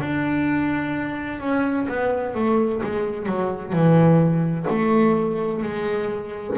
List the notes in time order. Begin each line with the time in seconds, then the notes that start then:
0.00 D4
1.40 C#4
1.88 B3
2.34 A3
2.83 G#3
3.26 F#3
3.72 E3
4.69 A3
5.63 G#3